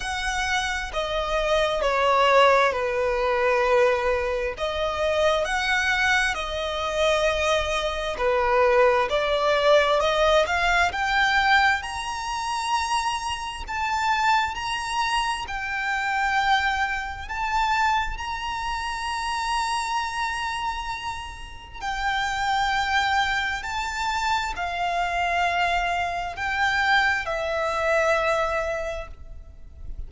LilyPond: \new Staff \with { instrumentName = "violin" } { \time 4/4 \tempo 4 = 66 fis''4 dis''4 cis''4 b'4~ | b'4 dis''4 fis''4 dis''4~ | dis''4 b'4 d''4 dis''8 f''8 | g''4 ais''2 a''4 |
ais''4 g''2 a''4 | ais''1 | g''2 a''4 f''4~ | f''4 g''4 e''2 | }